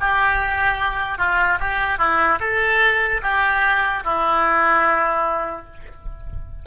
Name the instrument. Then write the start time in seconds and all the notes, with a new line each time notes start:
oboe
0.00 G4
1.18 F4
1.60 G4
1.98 E4
2.40 A4
3.22 G4
4.04 E4